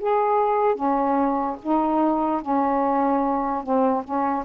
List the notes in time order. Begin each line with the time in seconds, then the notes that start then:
0.00 G#4
0.75 C#4
1.62 D#4
2.41 C#4
3.63 C4
4.04 C#4